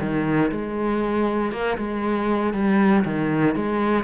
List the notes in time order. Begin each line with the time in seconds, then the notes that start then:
0.00 D#3
0.52 G#3
1.52 A#3
1.78 G#3
2.53 G3
3.05 D#3
3.56 G#3